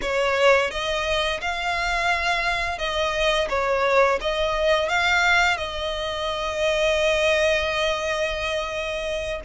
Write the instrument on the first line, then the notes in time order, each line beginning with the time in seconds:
violin
0.01 C#5
0.70 D#5
1.41 F5
2.78 D#5
3.49 C#5
4.20 D#5
4.88 F5
5.57 D#5